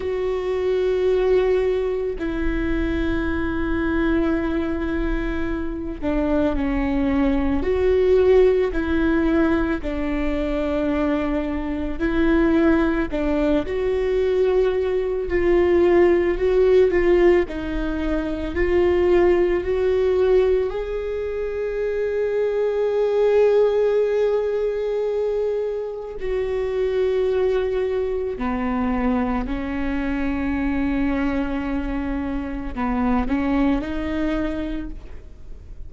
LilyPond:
\new Staff \with { instrumentName = "viola" } { \time 4/4 \tempo 4 = 55 fis'2 e'2~ | e'4. d'8 cis'4 fis'4 | e'4 d'2 e'4 | d'8 fis'4. f'4 fis'8 f'8 |
dis'4 f'4 fis'4 gis'4~ | gis'1 | fis'2 b4 cis'4~ | cis'2 b8 cis'8 dis'4 | }